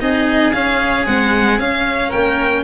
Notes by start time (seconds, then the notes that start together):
0.00 C4 D#4 G#4 D#5
0.53 C#4 F5
1.06 G#3 C4 F#5
1.59 C#4 F5
2.09 A#3 A#4 G5